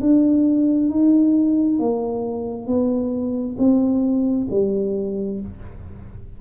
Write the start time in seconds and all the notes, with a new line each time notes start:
0.00 D4
0.90 D#4
1.79 A#3
2.67 B3
3.58 C4
4.50 G3